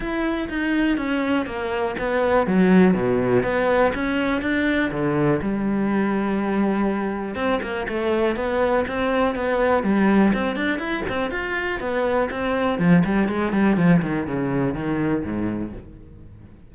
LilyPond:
\new Staff \with { instrumentName = "cello" } { \time 4/4 \tempo 4 = 122 e'4 dis'4 cis'4 ais4 | b4 fis4 b,4 b4 | cis'4 d'4 d4 g4~ | g2. c'8 ais8 |
a4 b4 c'4 b4 | g4 c'8 d'8 e'8 c'8 f'4 | b4 c'4 f8 g8 gis8 g8 | f8 dis8 cis4 dis4 gis,4 | }